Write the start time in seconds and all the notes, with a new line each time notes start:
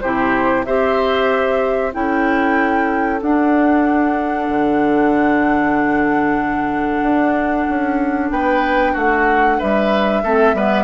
0.00 C3 E4 G4 C5
0.65 C4 G4 C5 E5
1.92 C#4 E4 A4 G5
3.21 D4 F#5
4.48 D3
7.02 D4
7.69 C#4
8.31 B3 B4 G5
8.92 A3 F#4 F#5
9.58 G3 B4 E5
10.23 A3 C4 A4
10.53 G3 B3 B4